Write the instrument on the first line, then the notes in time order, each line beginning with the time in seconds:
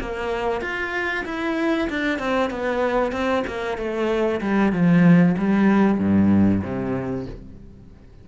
cello
0.00 A#3
0.61 F4
1.25 E4
1.89 D4
2.18 C4
2.50 B3
3.12 C4
3.47 A#3
3.77 A3
4.41 G3
4.72 F3
5.38 G3
5.99 G2
6.62 C3